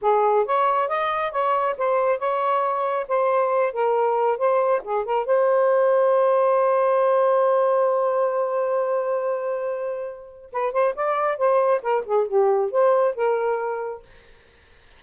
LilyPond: \new Staff \with { instrumentName = "saxophone" } { \time 4/4 \tempo 4 = 137 gis'4 cis''4 dis''4 cis''4 | c''4 cis''2 c''4~ | c''8 ais'4. c''4 gis'8 ais'8 | c''1~ |
c''1~ | c''1 | b'8 c''8 d''4 c''4 ais'8 gis'8 | g'4 c''4 ais'2 | }